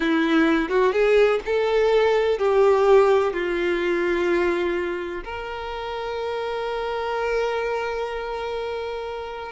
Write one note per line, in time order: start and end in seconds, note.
0.00 0.69 E4
0.69 0.92 F#4
0.92 1.40 G#4
1.45 2.38 A4
2.38 3.33 G4
3.33 5.23 F4
5.23 9.52 A#4